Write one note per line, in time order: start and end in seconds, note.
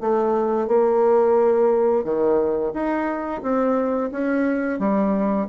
0.00 0.68 A3
0.68 2.04 A#3
2.04 2.72 D#3
2.73 3.42 D#4
3.42 4.10 C4
4.12 4.79 C#4
4.79 5.47 G3